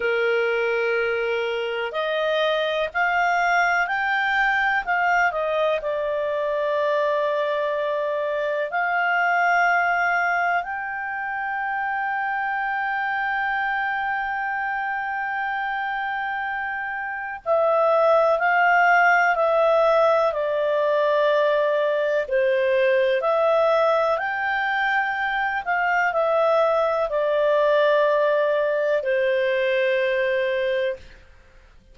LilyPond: \new Staff \with { instrumentName = "clarinet" } { \time 4/4 \tempo 4 = 62 ais'2 dis''4 f''4 | g''4 f''8 dis''8 d''2~ | d''4 f''2 g''4~ | g''1~ |
g''2 e''4 f''4 | e''4 d''2 c''4 | e''4 g''4. f''8 e''4 | d''2 c''2 | }